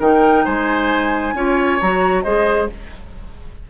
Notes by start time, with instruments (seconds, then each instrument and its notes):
0.00 bassoon D#3, clarinet D#4, oboe A#4, flute G5
0.45 bassoon G#3, oboe C5, flute G#5
1.34 bassoon C#4, clarinet F4, oboe C#5
1.81 bassoon F#3, clarinet F#4, flute A#5
2.23 bassoon G#3, clarinet G#4, oboe C5, flute D#5